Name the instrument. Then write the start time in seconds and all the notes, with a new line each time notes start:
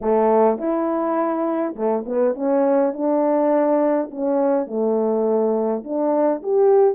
horn
0.01 A3
0.58 E4
1.75 A3
2.05 B3
2.35 C#4
2.93 D4
4.11 C#4
4.67 A3
5.84 D4
6.42 G4